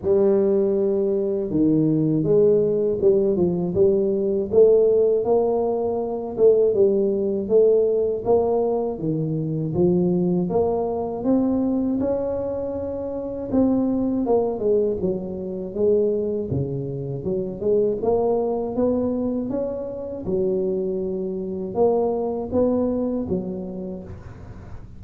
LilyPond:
\new Staff \with { instrumentName = "tuba" } { \time 4/4 \tempo 4 = 80 g2 dis4 gis4 | g8 f8 g4 a4 ais4~ | ais8 a8 g4 a4 ais4 | dis4 f4 ais4 c'4 |
cis'2 c'4 ais8 gis8 | fis4 gis4 cis4 fis8 gis8 | ais4 b4 cis'4 fis4~ | fis4 ais4 b4 fis4 | }